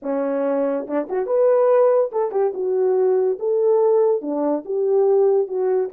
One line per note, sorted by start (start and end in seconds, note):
0.02 0.86 C#4
0.87 1.08 D4
1.09 1.26 F#4
1.26 2.10 B4
2.11 2.31 A4
2.31 2.52 G4
2.54 3.38 F#4
3.39 4.21 A4
4.21 4.63 D4
4.65 5.47 G4
5.47 5.89 F#4